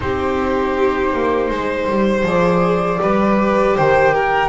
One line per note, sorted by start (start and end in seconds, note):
0.00 1.13 C4
0.00 2.24 D#4
0.00 1.50 G4
0.00 2.23 C5
1.13 1.50 A#3
1.50 1.87 G#3
1.50 3.00 C5
1.89 2.23 G3
2.23 2.98 F3
2.23 2.98 G#4
2.23 3.76 D5
2.98 3.76 G3
2.98 4.48 G4
2.98 3.76 B4
3.76 4.48 D#3
3.76 4.13 C5
3.76 4.48 G5
4.13 4.48 A#4